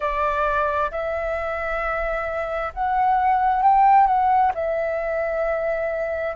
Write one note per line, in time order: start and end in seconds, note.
0.00 0.90 D5
0.91 2.73 E5
2.74 3.62 F#5
3.62 4.06 G5
4.06 4.52 F#5
4.54 6.36 E5